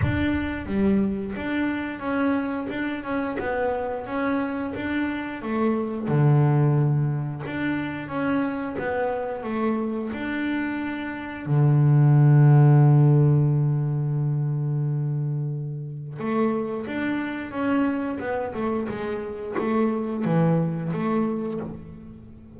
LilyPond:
\new Staff \with { instrumentName = "double bass" } { \time 4/4 \tempo 4 = 89 d'4 g4 d'4 cis'4 | d'8 cis'8 b4 cis'4 d'4 | a4 d2 d'4 | cis'4 b4 a4 d'4~ |
d'4 d2.~ | d1 | a4 d'4 cis'4 b8 a8 | gis4 a4 e4 a4 | }